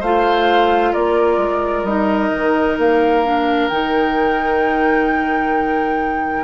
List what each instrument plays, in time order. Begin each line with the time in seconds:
0.00 bassoon A3, clarinet F4, oboe C5, flute F5
0.92 bassoon A#3, oboe A#4, flute D5
1.37 bassoon G#3
1.83 bassoon G3, clarinet D#4, flute D#5
2.34 bassoon D#3
2.78 bassoon A#3, flute F5
3.24 clarinet D4
3.68 bassoon D#3, clarinet D#4, flute G5